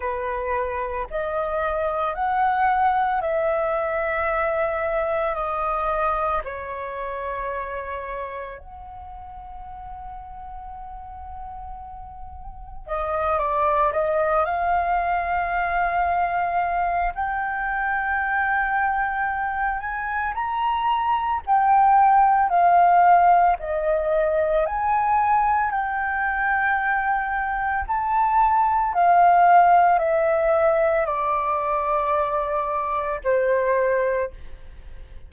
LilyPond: \new Staff \with { instrumentName = "flute" } { \time 4/4 \tempo 4 = 56 b'4 dis''4 fis''4 e''4~ | e''4 dis''4 cis''2 | fis''1 | dis''8 d''8 dis''8 f''2~ f''8 |
g''2~ g''8 gis''8 ais''4 | g''4 f''4 dis''4 gis''4 | g''2 a''4 f''4 | e''4 d''2 c''4 | }